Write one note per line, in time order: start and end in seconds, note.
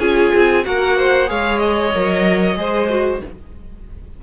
0.00 0.32 C#4
0.00 0.64 F4
0.00 0.65 G#4
0.00 0.65 G#5
0.35 0.67 C4
0.64 1.30 A#3
0.64 1.27 F#4
0.64 0.98 A#4
0.64 1.30 F#5
0.98 1.30 C5
1.27 1.95 G#3
1.27 1.92 G#4
1.27 2.59 C#5
1.27 1.59 F5
1.59 3.20 D#5
1.95 2.57 F#3
1.95 2.56 A#4
2.56 3.21 G#3
2.56 2.88 G#4
2.56 3.24 C5
2.90 3.22 F#4